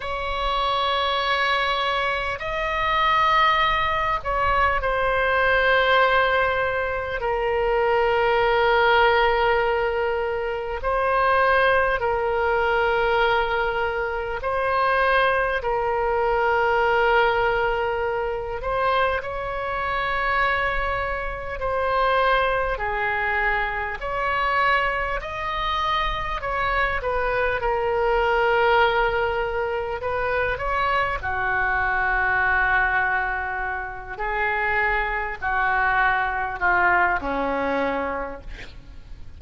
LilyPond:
\new Staff \with { instrumentName = "oboe" } { \time 4/4 \tempo 4 = 50 cis''2 dis''4. cis''8 | c''2 ais'2~ | ais'4 c''4 ais'2 | c''4 ais'2~ ais'8 c''8 |
cis''2 c''4 gis'4 | cis''4 dis''4 cis''8 b'8 ais'4~ | ais'4 b'8 cis''8 fis'2~ | fis'8 gis'4 fis'4 f'8 cis'4 | }